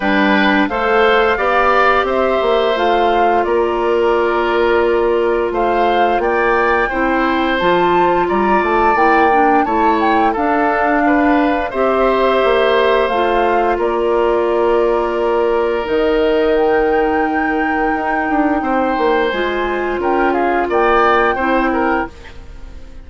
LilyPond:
<<
  \new Staff \with { instrumentName = "flute" } { \time 4/4 \tempo 4 = 87 g''4 f''2 e''4 | f''4 d''2. | f''4 g''2 a''4 | ais''8 a''8 g''4 a''8 g''8 f''4~ |
f''4 e''2 f''4 | d''2. dis''4 | g''1 | gis''4 g''8 f''8 g''2 | }
  \new Staff \with { instrumentName = "oboe" } { \time 4/4 b'4 c''4 d''4 c''4~ | c''4 ais'2. | c''4 d''4 c''2 | d''2 cis''4 a'4 |
b'4 c''2. | ais'1~ | ais'2. c''4~ | c''4 ais'8 gis'8 d''4 c''8 ais'8 | }
  \new Staff \with { instrumentName = "clarinet" } { \time 4/4 d'4 a'4 g'2 | f'1~ | f'2 e'4 f'4~ | f'4 e'8 d'8 e'4 d'4~ |
d'4 g'2 f'4~ | f'2. dis'4~ | dis'1 | f'2. e'4 | }
  \new Staff \with { instrumentName = "bassoon" } { \time 4/4 g4 a4 b4 c'8 ais8 | a4 ais2. | a4 ais4 c'4 f4 | g8 a8 ais4 a4 d'4~ |
d'4 c'4 ais4 a4 | ais2. dis4~ | dis2 dis'8 d'8 c'8 ais8 | gis4 cis'4 ais4 c'4 | }
>>